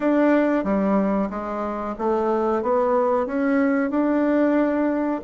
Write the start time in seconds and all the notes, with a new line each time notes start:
0.00 D4
0.63 G3
1.30 G#3
1.98 A3
2.62 B3
3.26 C#4
3.90 D4